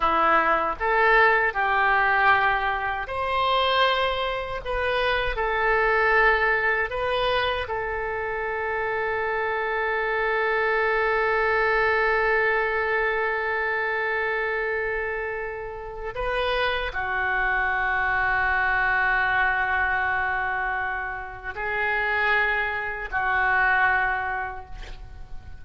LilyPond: \new Staff \with { instrumentName = "oboe" } { \time 4/4 \tempo 4 = 78 e'4 a'4 g'2 | c''2 b'4 a'4~ | a'4 b'4 a'2~ | a'1~ |
a'1~ | a'4 b'4 fis'2~ | fis'1 | gis'2 fis'2 | }